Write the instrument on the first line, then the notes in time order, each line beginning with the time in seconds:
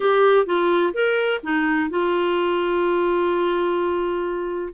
clarinet
0.00 G4
0.46 F4
0.93 A#4
1.43 D#4
1.90 F4